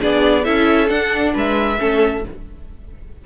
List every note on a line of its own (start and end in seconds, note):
0.00 0.47 B3
0.00 0.44 D4
0.00 0.45 G#4
0.00 0.45 D5
0.45 0.90 C#4
0.45 0.89 E4
0.45 1.33 A4
0.45 0.89 E5
0.89 1.77 D4
0.89 1.34 D4
0.89 1.34 F#5
1.34 1.80 G#3
1.34 1.78 B4
1.34 2.26 E5
1.79 2.25 A3
1.79 2.23 C#4
1.79 2.25 A4